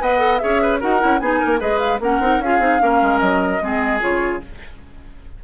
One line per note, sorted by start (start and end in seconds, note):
0.00 0.41 B3
0.00 0.18 B4
0.00 0.42 D#5
0.00 0.38 F#5
0.18 0.38 A4
0.38 0.83 C#4
0.38 0.80 G#4
0.38 0.62 C#5
0.38 0.78 E5
0.62 0.80 B4
0.80 1.03 D#4
0.80 0.99 F#4
0.80 1.20 A#4
0.80 1.19 F#5
0.99 1.20 C#4
0.99 1.19 E4
1.19 1.40 B3
1.19 1.58 D#4
1.19 1.39 G#4
1.19 1.59 G#5
1.39 1.61 A#3
1.39 1.59 A#4
1.58 2.00 G#3
1.58 1.98 G#4
1.58 2.00 B4
1.58 1.79 D#5
1.79 1.99 F5
2.00 2.20 A#3
2.00 2.21 C#4
2.00 2.44 A#4
2.00 2.42 F#5
2.20 2.39 C4
2.20 2.41 D#4
2.39 2.59 C#4
2.39 2.60 F4
2.39 2.82 G#4
2.39 3.19 F5
2.59 2.79 C4
2.59 2.79 D#4
2.79 3.02 A#3
2.79 3.59 C#4
2.79 3.62 A#4
3.02 3.21 G#3
3.19 3.61 F#3
3.19 3.99 D#5
3.61 4.01 G#3
3.61 4.00 C4
3.61 4.44 G#4
4.00 4.42 C#3
4.00 4.40 F4
4.00 4.42 C#5